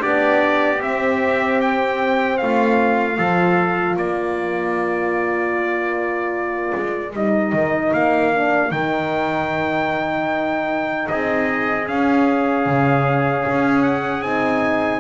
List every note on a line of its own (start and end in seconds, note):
0.00 0.84 B3
0.00 0.79 D4
0.00 2.39 G4
0.00 0.82 D5
0.81 3.17 C4
0.81 2.42 C4
0.81 1.61 E5
1.62 2.38 G5
2.38 3.19 A3
2.38 3.18 F4
2.38 3.96 F5
3.17 3.97 F3
3.17 7.12 F4
3.17 3.97 A4
3.97 6.73 A#3
3.97 11.07 A#4
3.97 7.14 D5
6.75 7.14 G#3
7.14 7.53 G3
7.14 8.35 D#4
7.14 7.94 D#5
7.53 7.93 D#3
7.94 8.72 A#3
7.94 8.72 F5
8.35 8.70 D4
8.70 11.09 D#3
8.70 11.86 D#4
8.70 11.08 G5
11.08 11.90 C4
11.08 15.01 G#4
11.08 11.87 D#5
11.87 14.24 C#4
11.87 12.66 C#4
11.87 13.83 F5
12.66 13.45 C#3
13.49 14.23 C#4
13.83 14.23 F#5
14.23 15.01 C4
14.23 15.01 D#4
14.23 15.01 G#5